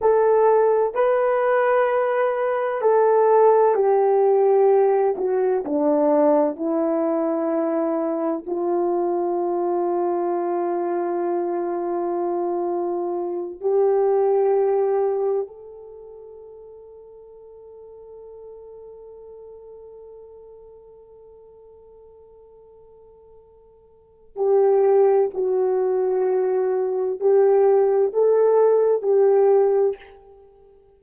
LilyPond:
\new Staff \with { instrumentName = "horn" } { \time 4/4 \tempo 4 = 64 a'4 b'2 a'4 | g'4. fis'8 d'4 e'4~ | e'4 f'2.~ | f'2~ f'8 g'4.~ |
g'8 a'2.~ a'8~ | a'1~ | a'2 g'4 fis'4~ | fis'4 g'4 a'4 g'4 | }